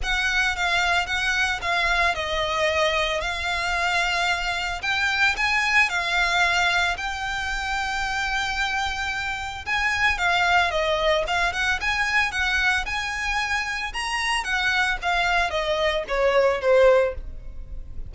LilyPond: \new Staff \with { instrumentName = "violin" } { \time 4/4 \tempo 4 = 112 fis''4 f''4 fis''4 f''4 | dis''2 f''2~ | f''4 g''4 gis''4 f''4~ | f''4 g''2.~ |
g''2 gis''4 f''4 | dis''4 f''8 fis''8 gis''4 fis''4 | gis''2 ais''4 fis''4 | f''4 dis''4 cis''4 c''4 | }